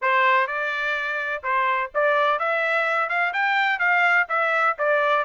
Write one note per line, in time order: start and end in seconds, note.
0.01 0.47 C5
0.47 1.42 D5
1.43 1.90 C5
1.94 2.39 D5
2.39 3.09 E5
3.09 3.32 F5
3.33 3.79 G5
3.79 4.26 F5
4.28 4.76 E5
4.78 5.24 D5